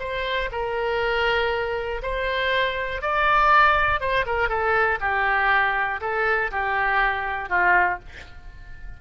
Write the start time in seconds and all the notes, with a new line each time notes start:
0.00 C5
0.52 A#4
2.03 C5
3.02 D5
4.01 C5
4.27 A#4
4.49 A4
5.01 G4
6.01 A4
6.52 G4
7.50 F4